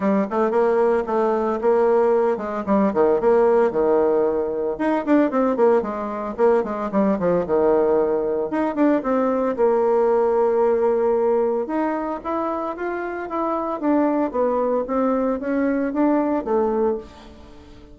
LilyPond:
\new Staff \with { instrumentName = "bassoon" } { \time 4/4 \tempo 4 = 113 g8 a8 ais4 a4 ais4~ | ais8 gis8 g8 dis8 ais4 dis4~ | dis4 dis'8 d'8 c'8 ais8 gis4 | ais8 gis8 g8 f8 dis2 |
dis'8 d'8 c'4 ais2~ | ais2 dis'4 e'4 | f'4 e'4 d'4 b4 | c'4 cis'4 d'4 a4 | }